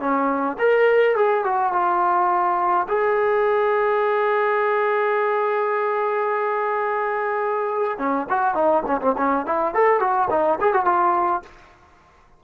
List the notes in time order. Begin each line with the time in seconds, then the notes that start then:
0.00 C#4
0.59 A#4
1.16 G#4
1.44 F#4
1.73 F4
2.89 G#4
7.98 C#4
8.30 F#4
8.55 D#4
8.86 C#4
9.01 C4
9.18 C#4
9.46 E4
9.74 A4
10.00 F#4
10.31 D#4
10.61 G#4
10.74 F#4
10.85 F4